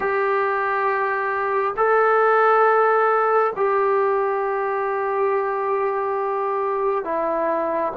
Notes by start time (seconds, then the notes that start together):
0.00 G4
1.76 A4
3.56 G4
7.04 E4